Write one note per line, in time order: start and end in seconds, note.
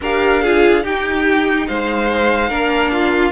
0.00 0.84 D4
0.00 0.43 G4
0.00 0.41 A#4
0.00 0.85 F5
0.41 0.83 F4
0.41 0.83 G#4
0.83 2.49 D#4
0.83 1.67 D#4
0.83 1.66 G4
0.83 1.67 G5
1.67 2.50 G#3
1.67 2.49 C5
1.67 3.32 F5
2.49 3.32 A#3
2.49 3.32 D4
2.49 2.91 A#4
2.91 3.32 F4